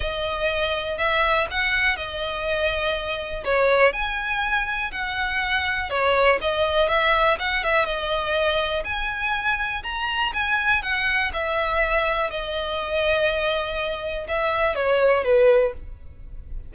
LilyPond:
\new Staff \with { instrumentName = "violin" } { \time 4/4 \tempo 4 = 122 dis''2 e''4 fis''4 | dis''2. cis''4 | gis''2 fis''2 | cis''4 dis''4 e''4 fis''8 e''8 |
dis''2 gis''2 | ais''4 gis''4 fis''4 e''4~ | e''4 dis''2.~ | dis''4 e''4 cis''4 b'4 | }